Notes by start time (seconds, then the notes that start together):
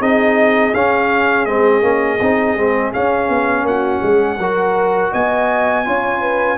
0.00 C4 D#4 G#4 D#5
0.74 C#4 F5
1.46 G#3 C4 D#5
1.82 A#3 C#4
2.21 C4 D#4
2.56 G#3 C4
2.93 C#4 F5
3.29 B3
3.63 A#3 F#4 F#5
4.03 G#3 G#4
4.39 F#3 F#4 A#4
5.13 B3 D#5 G#5
5.85 C#4 F4 C#5
6.21 B4